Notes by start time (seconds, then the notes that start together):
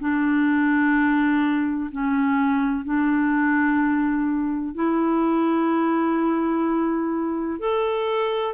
0.00 D4
1.92 C#4
2.85 D4
4.75 E4
7.60 A4